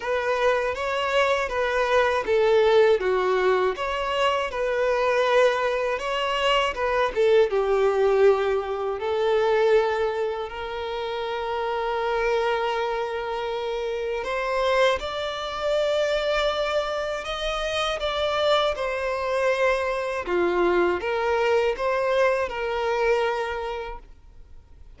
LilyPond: \new Staff \with { instrumentName = "violin" } { \time 4/4 \tempo 4 = 80 b'4 cis''4 b'4 a'4 | fis'4 cis''4 b'2 | cis''4 b'8 a'8 g'2 | a'2 ais'2~ |
ais'2. c''4 | d''2. dis''4 | d''4 c''2 f'4 | ais'4 c''4 ais'2 | }